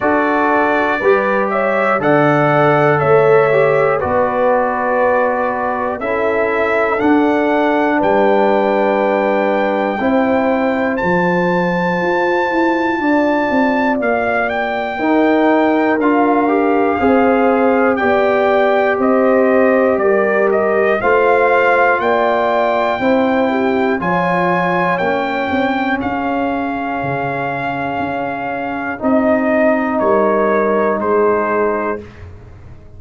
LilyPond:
<<
  \new Staff \with { instrumentName = "trumpet" } { \time 4/4 \tempo 4 = 60 d''4. e''8 fis''4 e''4 | d''2 e''4 fis''4 | g''2. a''4~ | a''2 f''8 g''4. |
f''2 g''4 dis''4 | d''8 dis''8 f''4 g''2 | gis''4 g''4 f''2~ | f''4 dis''4 cis''4 c''4 | }
  \new Staff \with { instrumentName = "horn" } { \time 4/4 a'4 b'8 cis''8 d''4 cis''4 | b'2 a'2 | b'2 c''2~ | c''4 d''2 ais'4~ |
ais'4 c''4 d''4 c''4 | ais'4 c''4 d''4 c''8 g'8 | cis''2 gis'2~ | gis'2 ais'4 gis'4 | }
  \new Staff \with { instrumentName = "trombone" } { \time 4/4 fis'4 g'4 a'4. g'8 | fis'2 e'4 d'4~ | d'2 e'4 f'4~ | f'2. dis'4 |
f'8 g'8 gis'4 g'2~ | g'4 f'2 e'4 | f'4 cis'2.~ | cis'4 dis'2. | }
  \new Staff \with { instrumentName = "tuba" } { \time 4/4 d'4 g4 d4 a4 | b2 cis'4 d'4 | g2 c'4 f4 | f'8 e'8 d'8 c'8 ais4 dis'4 |
d'4 c'4 b4 c'4 | g4 a4 ais4 c'4 | f4 ais8 c'8 cis'4 cis4 | cis'4 c'4 g4 gis4 | }
>>